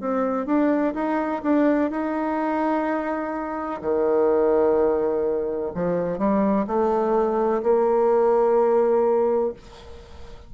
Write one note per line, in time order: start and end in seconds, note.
0.00 0.46 C4
0.46 0.94 D4
0.94 1.42 D#4
1.43 1.90 D4
1.90 3.81 D#4
3.81 5.72 D#3
5.74 6.18 F3
6.18 6.65 G3
6.67 7.62 A3
7.62 9.53 A#3